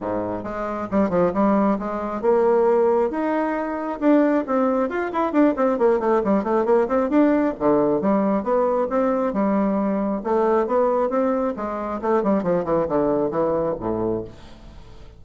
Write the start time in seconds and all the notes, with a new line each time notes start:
0.00 G#2
0.43 G#3
0.91 G3
1.09 F3
1.33 G3
1.78 G#3
2.21 A#3
3.10 D#4
3.99 D4
4.46 C4
4.89 F4
5.12 E4
5.32 D4
5.56 C4
5.78 A#3
5.99 A3
6.23 G3
6.43 A3
6.65 A#3
6.87 C4
7.09 D4
7.59 D3
8.01 G3
8.43 B3
8.89 C4
9.33 G3
10.23 A3
10.66 B3
11.09 C4
11.56 G#3
12.01 A3
12.23 G3
12.43 F3
12.64 E3
12.88 D3
13.31 E3
13.80 A2